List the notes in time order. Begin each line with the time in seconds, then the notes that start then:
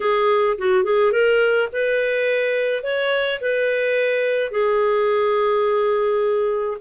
0.00 G#4
0.58 F#4
0.84 G#4
1.12 A#4
1.72 B4
2.83 C#5
3.40 B4
4.51 G#4